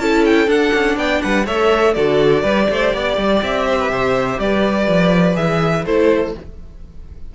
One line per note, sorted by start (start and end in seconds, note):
0.00 0.48 C#4
0.00 0.47 E4
0.00 0.97 A4
0.00 0.25 A5
0.25 0.49 G5
0.47 1.45 D4
0.47 0.72 D4
0.47 0.98 F#5
0.74 0.97 C#4
0.97 1.21 B3
0.97 1.22 D5
0.97 1.22 G5
1.22 1.48 G3
1.22 1.46 B4
1.22 1.47 F#5
1.46 1.96 A3
1.46 1.96 A4
1.46 1.94 C#5
1.46 1.94 E5
1.94 2.43 D3
1.94 2.45 F#4
1.94 2.43 A4
1.94 3.41 D5
2.43 2.68 G3
2.43 5.35 G4
2.43 2.67 B4
2.70 2.94 A3
2.70 2.96 C5
2.94 3.17 B3
2.94 3.67 D5
3.17 3.42 G3
3.43 3.90 C4
3.43 4.40 E5
3.67 3.79 C5
3.79 3.91 B4
3.90 4.38 C3
3.90 4.40 C5
4.39 4.88 G3
4.39 5.85 B4
4.39 5.37 D5
4.89 5.37 F3
5.35 5.86 E3
5.35 5.83 G#4
5.35 5.85 E5
5.85 6.34 A3
5.85 6.35 E4
5.85 6.34 A4
5.85 6.35 C5